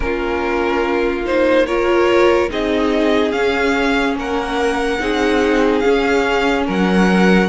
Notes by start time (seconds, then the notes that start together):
0.00 A#3 C#4 F4 A#4
1.25 D#4 C5
1.66 F4 A#4 C#5
2.49 C4 D#4 G#4 D#5
3.31 C#4 F5
4.15 A#3 A#4 F#5
5.00 C4 D#4 G#4
5.79 C#4 F5
6.66 F#3 A#4 F#5